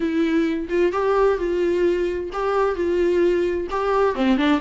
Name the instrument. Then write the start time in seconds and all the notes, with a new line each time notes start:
viola
0.00 E4
0.69 F4
0.92 G4
1.38 F4
2.32 G4
2.75 F4
3.70 G4
4.15 C4
4.37 D4